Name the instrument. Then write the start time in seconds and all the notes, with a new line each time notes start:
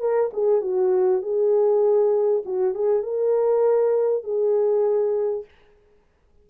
horn
0.00 A#4
0.33 G#4
0.61 F#4
1.22 G#4
2.45 F#4
2.74 G#4
3.02 A#4
4.24 G#4